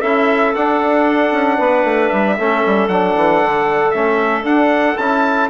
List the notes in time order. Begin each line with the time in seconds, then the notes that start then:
0.00 C#4 E4 A4 E5
0.55 D4 F#5
1.32 C#4
1.57 B3 B4
1.84 A3
2.09 G3 E5
2.37 A3 C#4 A4
2.66 G3
2.88 F#3 D4 F#5
3.16 E3
3.43 D3
3.91 A3 C#4 E5
4.43 D4 F#5
4.97 C#4 E4 A5